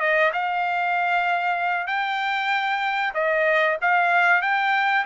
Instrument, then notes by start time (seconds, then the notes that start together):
trumpet
0.00 D#5
0.33 F5
1.87 G5
3.14 D#5
3.82 F5
4.42 G5